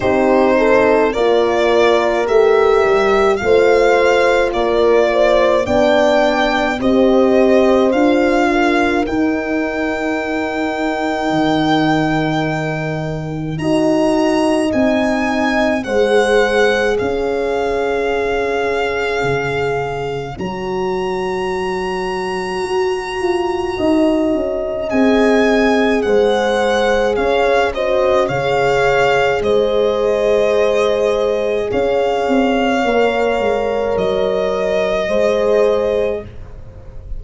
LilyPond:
<<
  \new Staff \with { instrumentName = "violin" } { \time 4/4 \tempo 4 = 53 c''4 d''4 e''4 f''4 | d''4 g''4 dis''4 f''4 | g''1 | ais''4 gis''4 fis''4 f''4~ |
f''2 ais''2~ | ais''2 gis''4 fis''4 | f''8 dis''8 f''4 dis''2 | f''2 dis''2 | }
  \new Staff \with { instrumentName = "horn" } { \time 4/4 g'8 a'8 ais'2 c''4 | ais'8 c''8 d''4 c''4. ais'8~ | ais'1 | dis''2 c''4 cis''4~ |
cis''1~ | cis''4 dis''2 c''4 | cis''8 c''8 cis''4 c''2 | cis''2. c''4 | }
  \new Staff \with { instrumentName = "horn" } { \time 4/4 dis'4 f'4 g'4 f'4~ | f'4 d'4 g'4 f'4 | dis'1 | fis'4 dis'4 gis'2~ |
gis'2 fis'2~ | fis'2 gis'2~ | gis'8 fis'8 gis'2.~ | gis'4 ais'2 gis'4 | }
  \new Staff \with { instrumentName = "tuba" } { \time 4/4 c'4 ais4 a8 g8 a4 | ais4 b4 c'4 d'4 | dis'2 dis2 | dis'4 c'4 gis4 cis'4~ |
cis'4 cis4 fis2 | fis'8 f'8 dis'8 cis'8 c'4 gis4 | cis'4 cis4 gis2 | cis'8 c'8 ais8 gis8 fis4 gis4 | }
>>